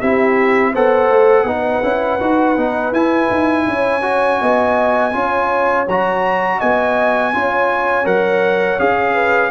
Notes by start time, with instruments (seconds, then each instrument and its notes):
0.00 tuba C4, trombone E4, horn G4, trumpet E5
0.71 tuba B3, trombone A4, horn C5, trumpet F#5
1.09 tuba A3
1.43 tuba B3, trombone D#4, horn B4
1.82 tuba C#4, trombone E4
2.19 tuba D#4, trombone F#4
2.56 tuba B3, trombone D#4
2.91 tuba E4, trombone E4, trumpet G#5
3.30 tuba D#4
3.67 tuba C#4, horn C#5
4.02 trombone F#4
4.41 tuba B3, horn D#5
5.12 tuba C#4, trombone F4, horn C#5
5.87 tuba F#3, trombone F#4, trumpet A#5
6.58 tuba B3, horn D#5, trumpet G#5
7.33 tuba C#4, trombone F4, horn C#5
8.04 tuba F#3, trombone A#4, trumpet F#5
8.79 tuba C#4, trombone G#4, trumpet F5
9.13 horn B4